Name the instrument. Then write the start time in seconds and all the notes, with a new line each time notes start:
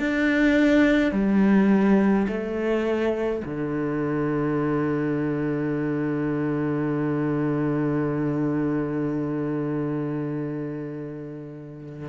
cello
0.00 D4
1.12 G3
2.28 A3
3.46 D3